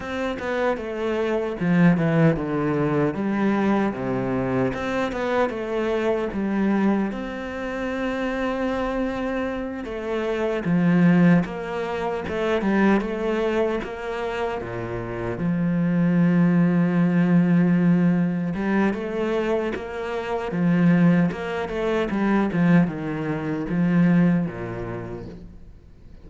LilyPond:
\new Staff \with { instrumentName = "cello" } { \time 4/4 \tempo 4 = 76 c'8 b8 a4 f8 e8 d4 | g4 c4 c'8 b8 a4 | g4 c'2.~ | c'8 a4 f4 ais4 a8 |
g8 a4 ais4 ais,4 f8~ | f2.~ f8 g8 | a4 ais4 f4 ais8 a8 | g8 f8 dis4 f4 ais,4 | }